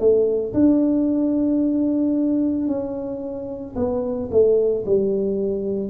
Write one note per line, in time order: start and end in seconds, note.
0.00 0.54 A3
0.54 2.68 D4
2.68 3.75 C#4
3.76 4.30 B3
4.31 4.85 A3
4.86 5.90 G3